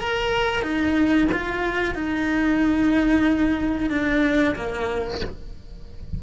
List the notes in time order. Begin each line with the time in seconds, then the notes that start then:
0.00 A#4
0.63 D#4
1.32 F4
1.95 D#4
3.90 D4
4.56 A#3